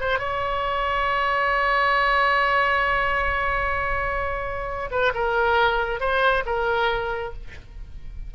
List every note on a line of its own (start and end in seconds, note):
0.00 0.19 C5
0.19 4.90 C#5
4.91 5.13 B4
5.14 6.00 A#4
6.00 6.44 C5
6.46 7.34 A#4